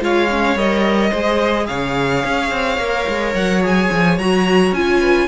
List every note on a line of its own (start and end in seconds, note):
0.00 0.55 G#3
0.00 0.28 F4
0.00 1.10 C#5
0.00 0.57 F5
0.29 0.57 C#4
0.55 1.11 G3
0.55 1.13 A#4
0.55 1.66 D#5
1.10 1.68 G#3
1.10 2.78 G#4
1.10 1.66 C5
1.66 2.24 C#3
1.66 5.00 C#5
1.66 3.33 F5
2.24 2.50 C#4
2.50 2.77 C4
2.77 3.05 A#3
2.77 3.61 A#4
3.08 3.34 G#3
3.34 3.89 F#3
3.34 3.62 F#5
3.61 4.17 G#4
3.61 4.18 G#5
3.91 4.18 F3
4.18 4.72 F#3
4.18 4.75 F#4
4.18 4.73 A#5
4.72 5.27 C#4
4.72 5.28 F4
4.72 5.28 G#5
5.00 5.27 B4